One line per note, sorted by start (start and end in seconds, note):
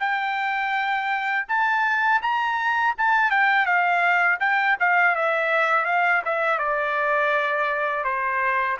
0.00 1.46 G5
1.48 2.22 A5
2.22 2.95 A#5
2.98 3.31 A5
3.31 3.66 G5
3.66 4.39 F5
4.40 4.77 G5
4.80 5.16 F5
5.16 5.86 E5
5.86 6.22 F5
6.25 6.59 E5
6.59 8.05 D5
8.05 8.78 C5